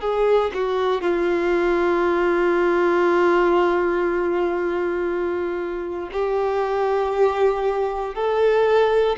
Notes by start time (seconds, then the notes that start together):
0.00 G#4
0.54 F#4
1.01 F4
6.12 G4
8.14 A4